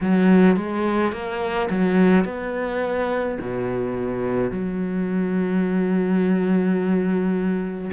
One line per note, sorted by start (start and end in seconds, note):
0.01 0.56 F#3
0.56 1.12 G#3
1.12 1.69 A#3
1.70 2.24 F#3
2.24 3.38 B3
3.41 4.50 B2
4.50 7.90 F#3